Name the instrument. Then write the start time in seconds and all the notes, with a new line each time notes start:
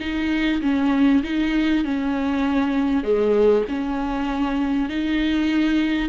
viola
0.00 D#4
0.62 C#4
1.23 D#4
1.85 C#4
3.04 G#3
3.68 C#4
4.90 D#4